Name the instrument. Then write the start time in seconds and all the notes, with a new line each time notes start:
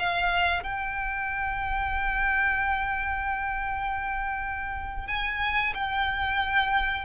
violin
0.00 F5
0.64 G5
5.08 G#5
5.75 G5